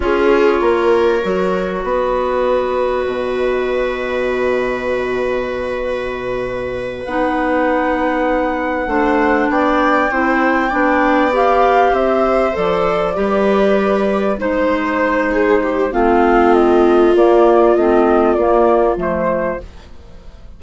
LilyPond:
<<
  \new Staff \with { instrumentName = "flute" } { \time 4/4 \tempo 4 = 98 cis''2. dis''4~ | dis''1~ | dis''2.~ dis''8 fis''8~ | fis''2.~ fis''8 g''8~ |
g''2~ g''8 f''4 e''8~ | e''8 d''2. c''8~ | c''2 f''4 dis''4 | d''4 dis''4 d''4 c''4 | }
  \new Staff \with { instrumentName = "viola" } { \time 4/4 gis'4 ais'2 b'4~ | b'1~ | b'1~ | b'2~ b'8 c''4 d''8~ |
d''8 c''4 d''2 c''8~ | c''4. b'2 c''8~ | c''4 gis'8 g'8 f'2~ | f'1 | }
  \new Staff \with { instrumentName = "clarinet" } { \time 4/4 f'2 fis'2~ | fis'1~ | fis'2.~ fis'8 dis'8~ | dis'2~ dis'8 d'4.~ |
d'8 e'4 d'4 g'4.~ | g'8 a'4 g'2 dis'8~ | dis'2 c'2 | ais4 c'4 ais4 a4 | }
  \new Staff \with { instrumentName = "bassoon" } { \time 4/4 cis'4 ais4 fis4 b4~ | b4 b,2.~ | b,2.~ b,8 b8~ | b2~ b8 a4 b8~ |
b8 c'4 b2 c'8~ | c'8 f4 g2 gis8~ | gis2 a2 | ais4 a4 ais4 f4 | }
>>